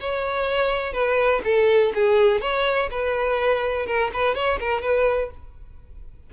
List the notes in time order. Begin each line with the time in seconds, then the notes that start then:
0.00 C#5
0.93 B4
1.45 A4
1.94 G#4
2.41 C#5
2.91 B4
3.86 A#4
4.13 B4
4.35 C#5
4.60 A#4
4.82 B4